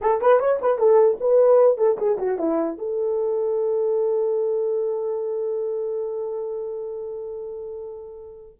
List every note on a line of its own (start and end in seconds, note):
0.01 0.21 A4
0.21 0.39 B4
0.39 0.59 C#5
0.61 0.78 B4
0.78 1.18 A4
1.20 1.77 B4
1.77 1.97 A4
1.98 2.18 G#4
2.18 2.38 F#4
2.38 2.78 E4
2.78 8.58 A4